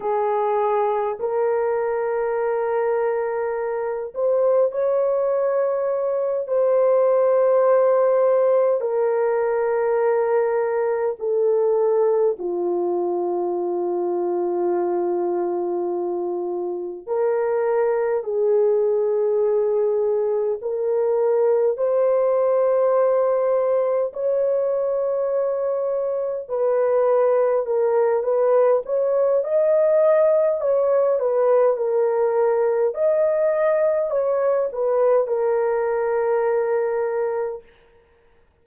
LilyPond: \new Staff \with { instrumentName = "horn" } { \time 4/4 \tempo 4 = 51 gis'4 ais'2~ ais'8 c''8 | cis''4. c''2 ais'8~ | ais'4. a'4 f'4.~ | f'2~ f'8 ais'4 gis'8~ |
gis'4. ais'4 c''4.~ | c''8 cis''2 b'4 ais'8 | b'8 cis''8 dis''4 cis''8 b'8 ais'4 | dis''4 cis''8 b'8 ais'2 | }